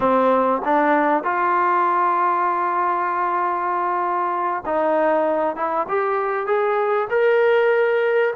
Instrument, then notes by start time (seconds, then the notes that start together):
trombone
0.00 C4
0.64 D4
1.23 F4
4.65 D#4
5.55 E4
5.88 G4
6.46 G#4
7.10 A#4